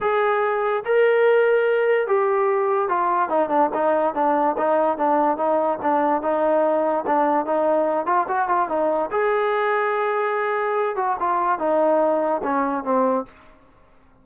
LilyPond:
\new Staff \with { instrumentName = "trombone" } { \time 4/4 \tempo 4 = 145 gis'2 ais'2~ | ais'4 g'2 f'4 | dis'8 d'8 dis'4 d'4 dis'4 | d'4 dis'4 d'4 dis'4~ |
dis'4 d'4 dis'4. f'8 | fis'8 f'8 dis'4 gis'2~ | gis'2~ gis'8 fis'8 f'4 | dis'2 cis'4 c'4 | }